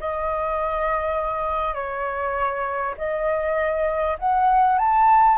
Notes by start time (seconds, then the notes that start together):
0.00 D#5
1.74 C#5
2.98 D#5
4.19 F#5
4.78 A5